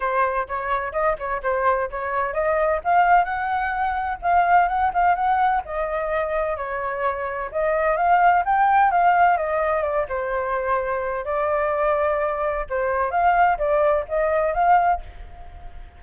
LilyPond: \new Staff \with { instrumentName = "flute" } { \time 4/4 \tempo 4 = 128 c''4 cis''4 dis''8 cis''8 c''4 | cis''4 dis''4 f''4 fis''4~ | fis''4 f''4 fis''8 f''8 fis''4 | dis''2 cis''2 |
dis''4 f''4 g''4 f''4 | dis''4 d''8 c''2~ c''8 | d''2. c''4 | f''4 d''4 dis''4 f''4 | }